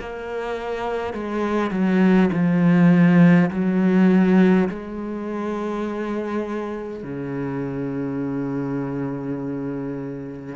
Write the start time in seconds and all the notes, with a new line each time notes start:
0.00 A#3
1.14 G#3
1.71 F#3
2.33 F3
3.51 F#3
4.69 G#3
7.04 C#3